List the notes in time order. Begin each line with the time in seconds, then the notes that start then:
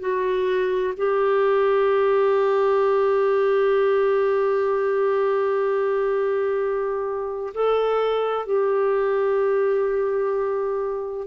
0.00 F#4
0.97 G4
7.54 A4
8.46 G4